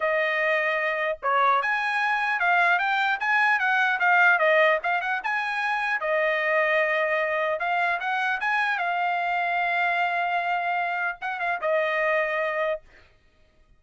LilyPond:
\new Staff \with { instrumentName = "trumpet" } { \time 4/4 \tempo 4 = 150 dis''2. cis''4 | gis''2 f''4 g''4 | gis''4 fis''4 f''4 dis''4 | f''8 fis''8 gis''2 dis''4~ |
dis''2. f''4 | fis''4 gis''4 f''2~ | f''1 | fis''8 f''8 dis''2. | }